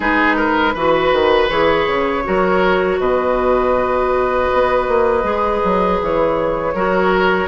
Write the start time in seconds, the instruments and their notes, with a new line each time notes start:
0.00 bassoon G#3, clarinet D#4, oboe G#4, flute B4
0.36 oboe A#4
0.73 bassoon E3, clarinet F#4, oboe B4
1.12 bassoon D#3
1.49 bassoon E3, clarinet G#4, flute C#5
1.87 bassoon C#3
2.23 bassoon F#3, clarinet F#4, oboe A#4
2.98 bassoon B2, oboe B4, flute D#5
4.53 bassoon B3
4.88 bassoon A#3
5.23 bassoon G#3, clarinet G#4
5.63 bassoon F#3
6.01 bassoon E3, flute C#5
6.74 bassoon F#3, clarinet F#4, oboe A#4